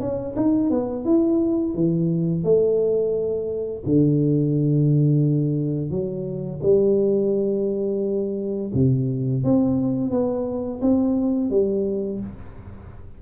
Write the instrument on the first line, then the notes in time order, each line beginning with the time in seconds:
tuba
0.00 C#4
0.36 D#4
0.70 B3
1.05 E4
1.74 E3
2.44 A3
3.85 D3
5.90 F#3
6.62 G3
8.73 C3
9.43 C4
10.10 B3
10.81 C4
11.50 G3